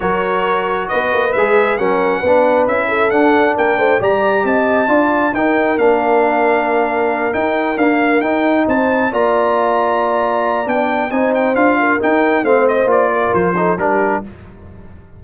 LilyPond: <<
  \new Staff \with { instrumentName = "trumpet" } { \time 4/4 \tempo 4 = 135 cis''2 dis''4 e''4 | fis''2 e''4 fis''4 | g''4 ais''4 a''2 | g''4 f''2.~ |
f''8 g''4 f''4 g''4 a''8~ | a''8 ais''2.~ ais''8 | g''4 gis''8 g''8 f''4 g''4 | f''8 dis''8 d''4 c''4 ais'4 | }
  \new Staff \with { instrumentName = "horn" } { \time 4/4 ais'2 b'2 | ais'4 b'4. a'4. | ais'8 c''8 d''4 dis''4 d''4 | ais'1~ |
ais'2.~ ais'8 c''8~ | c''8 d''2.~ d''8~ | d''4 c''4. ais'4. | c''4. ais'4 a'8 g'4 | }
  \new Staff \with { instrumentName = "trombone" } { \time 4/4 fis'2. gis'4 | cis'4 d'4 e'4 d'4~ | d'4 g'2 f'4 | dis'4 d'2.~ |
d'8 dis'4 ais4 dis'4.~ | dis'8 f'2.~ f'8 | d'4 dis'4 f'4 dis'4 | c'4 f'4. dis'8 d'4 | }
  \new Staff \with { instrumentName = "tuba" } { \time 4/4 fis2 b8 ais8 gis4 | fis4 b4 cis'4 d'4 | ais8 a8 g4 c'4 d'4 | dis'4 ais2.~ |
ais8 dis'4 d'4 dis'4 c'8~ | c'8 ais2.~ ais8 | b4 c'4 d'4 dis'4 | a4 ais4 f4 g4 | }
>>